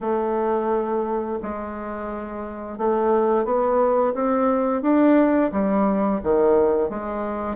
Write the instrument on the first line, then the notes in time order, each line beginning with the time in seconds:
bassoon
0.00 A3
1.42 G#3
2.77 A3
3.44 B3
4.13 C4
4.82 D4
5.52 G3
6.23 D#3
6.89 G#3